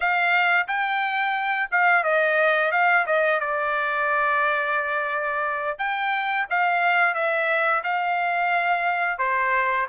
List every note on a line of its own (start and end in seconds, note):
0.00 0.67 F5
0.67 1.69 G5
1.71 2.03 F5
2.03 2.71 D#5
2.71 3.05 F5
3.06 3.39 D#5
3.39 5.78 D5
5.78 6.46 G5
6.50 7.14 F5
7.14 7.82 E5
7.83 9.18 F5
9.18 9.86 C5